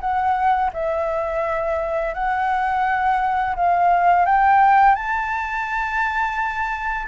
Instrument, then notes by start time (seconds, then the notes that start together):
flute
0.00 F#5
0.73 E5
2.14 F#5
3.55 F5
4.25 G5
4.95 A5